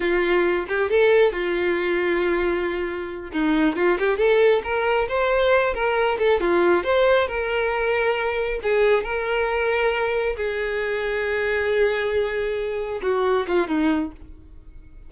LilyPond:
\new Staff \with { instrumentName = "violin" } { \time 4/4 \tempo 4 = 136 f'4. g'8 a'4 f'4~ | f'2.~ f'8 dis'8~ | dis'8 f'8 g'8 a'4 ais'4 c''8~ | c''4 ais'4 a'8 f'4 c''8~ |
c''8 ais'2. gis'8~ | gis'8 ais'2. gis'8~ | gis'1~ | gis'4. fis'4 f'8 dis'4 | }